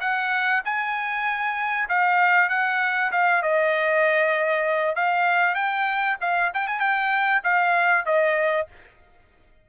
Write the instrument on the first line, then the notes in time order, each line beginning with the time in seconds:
trumpet
0.00 F#5
0.64 G#5
1.88 F5
2.49 F#5
3.11 F5
3.42 D#5
4.95 F5
5.54 G5
6.20 F5
6.53 G5
6.67 G#5
6.79 G5
7.43 F5
8.05 D#5